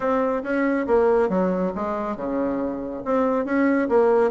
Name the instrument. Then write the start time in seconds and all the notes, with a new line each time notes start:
bassoon
0.00 C4
0.43 C#4
0.86 A#3
1.29 F#3
1.75 G#3
2.16 C#3
3.04 C4
3.45 C#4
3.88 A#3